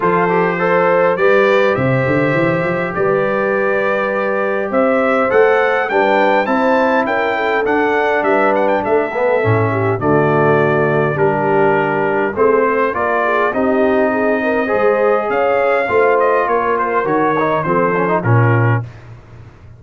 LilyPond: <<
  \new Staff \with { instrumentName = "trumpet" } { \time 4/4 \tempo 4 = 102 c''2 d''4 e''4~ | e''4 d''2. | e''4 fis''4 g''4 a''4 | g''4 fis''4 e''8 fis''16 g''16 e''4~ |
e''4 d''2 ais'4~ | ais'4 c''4 d''4 dis''4~ | dis''2 f''4. dis''8 | cis''8 c''8 cis''4 c''4 ais'4 | }
  \new Staff \with { instrumentName = "horn" } { \time 4/4 a'4 c''4 b'4 c''4~ | c''4 b'2. | c''2 b'4 c''4 | ais'8 a'4. b'4 a'4~ |
a'8 g'8 fis'2 g'4~ | g'4 gis'8 c''8 ais'8 gis'8 g'4 | gis'8 ais'8 c''4 cis''4 c''4 | ais'2 a'4 f'4 | }
  \new Staff \with { instrumentName = "trombone" } { \time 4/4 f'8 g'8 a'4 g'2~ | g'1~ | g'4 a'4 d'4 e'4~ | e'4 d'2~ d'8 b8 |
cis'4 a2 d'4~ | d'4 c'4 f'4 dis'4~ | dis'4 gis'2 f'4~ | f'4 fis'8 dis'8 c'8 cis'16 dis'16 cis'4 | }
  \new Staff \with { instrumentName = "tuba" } { \time 4/4 f2 g4 c8 d8 | e8 f8 g2. | c'4 a4 g4 c'4 | cis'4 d'4 g4 a4 |
a,4 d2 g4~ | g4 a4 ais4 c'4~ | c'4 gis4 cis'4 a4 | ais4 dis4 f4 ais,4 | }
>>